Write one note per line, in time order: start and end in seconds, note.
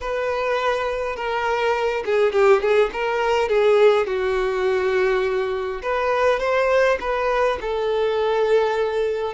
0.01 1.16 B4
1.16 2.03 A#4
2.05 2.32 G#4
2.32 2.61 G4
2.61 2.90 G#4
2.92 3.48 A#4
3.48 4.06 G#4
4.06 5.81 F#4
5.82 6.39 B4
6.39 6.97 C5
7.00 7.58 B4
7.61 9.33 A4